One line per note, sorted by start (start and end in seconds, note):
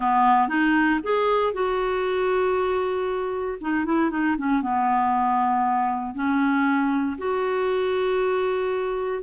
0.00 0.48 B3
0.48 1.00 D#4
1.03 1.53 G#4
1.53 3.58 F#4
3.60 3.85 D#4
3.85 4.10 E4
4.10 4.36 D#4
4.37 4.62 C#4
4.62 6.14 B3
6.14 7.17 C#4
7.17 9.22 F#4